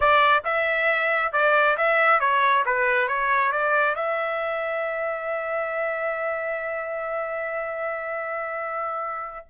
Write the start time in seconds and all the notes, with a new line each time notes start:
0.00 D5
0.44 E5
1.32 D5
1.77 E5
2.20 C#5
2.65 B4
3.07 C#5
3.52 D5
3.95 E5